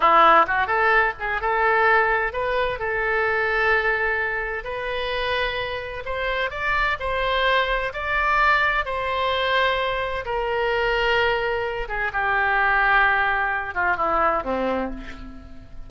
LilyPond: \new Staff \with { instrumentName = "oboe" } { \time 4/4 \tempo 4 = 129 e'4 fis'8 a'4 gis'8 a'4~ | a'4 b'4 a'2~ | a'2 b'2~ | b'4 c''4 d''4 c''4~ |
c''4 d''2 c''4~ | c''2 ais'2~ | ais'4. gis'8 g'2~ | g'4. f'8 e'4 c'4 | }